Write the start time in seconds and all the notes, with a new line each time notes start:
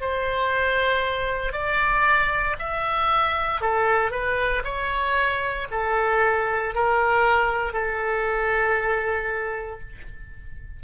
0.00 C5
1.52 D5
2.59 E5
3.61 A4
4.11 B4
4.64 C#5
5.70 A4
6.74 A#4
7.73 A4